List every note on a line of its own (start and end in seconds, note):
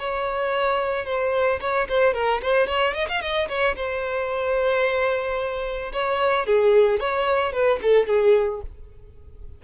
0.00 1.06 C#5
1.06 1.60 C5
1.61 1.88 C#5
1.89 2.14 C5
2.14 2.42 A#4
2.43 2.68 C5
2.68 2.95 C#5
2.95 3.08 D#5
3.09 3.22 F5
3.22 3.49 D#5
3.49 3.76 C#5
3.76 5.93 C5
5.93 6.47 C#5
6.47 7.00 G#4
7.00 7.53 C#5
7.53 7.80 B4
7.83 8.08 A4
8.08 8.62 G#4